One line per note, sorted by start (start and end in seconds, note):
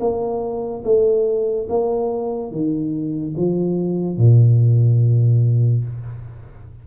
0.00 0.83 A#3
0.84 1.67 A3
1.69 2.51 A#3
2.51 3.34 D#3
3.37 4.17 F3
4.17 5.84 A#2